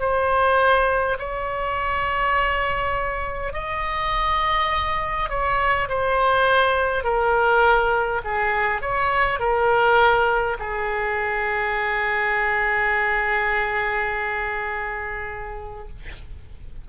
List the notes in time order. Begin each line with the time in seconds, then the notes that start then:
0.00 C5
1.19 C#5
3.53 D#5
5.29 C#5
5.89 C5
7.04 A#4
8.25 G#4
8.81 C#5
9.40 A#4
10.59 G#4